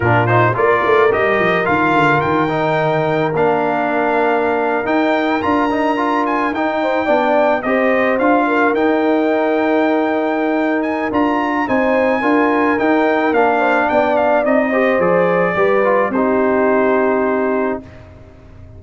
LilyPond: <<
  \new Staff \with { instrumentName = "trumpet" } { \time 4/4 \tempo 4 = 108 ais'8 c''8 d''4 dis''4 f''4 | g''2 f''2~ | f''8. g''4 ais''4. gis''8 g''16~ | g''4.~ g''16 dis''4 f''4 g''16~ |
g''2.~ g''8 gis''8 | ais''4 gis''2 g''4 | f''4 g''8 f''8 dis''4 d''4~ | d''4 c''2. | }
  \new Staff \with { instrumentName = "horn" } { \time 4/4 f'4 ais'2.~ | ais'1~ | ais'1~ | ais'16 c''8 d''4 c''4. ais'8.~ |
ais'1~ | ais'4 c''4 ais'2~ | ais'8 c''8 d''4. c''4. | b'4 g'2. | }
  \new Staff \with { instrumentName = "trombone" } { \time 4/4 d'8 dis'8 f'4 g'4 f'4~ | f'8 dis'4. d'2~ | d'8. dis'4 f'8 dis'8 f'4 dis'16~ | dis'8. d'4 g'4 f'4 dis'16~ |
dis'1 | f'4 dis'4 f'4 dis'4 | d'2 dis'8 g'8 gis'4 | g'8 f'8 dis'2. | }
  \new Staff \with { instrumentName = "tuba" } { \time 4/4 ais,4 ais8 a8 g8 f8 dis8 d8 | dis2 ais2~ | ais8. dis'4 d'2 dis'16~ | dis'8. b4 c'4 d'4 dis'16~ |
dis'1 | d'4 c'4 d'4 dis'4 | ais4 b4 c'4 f4 | g4 c'2. | }
>>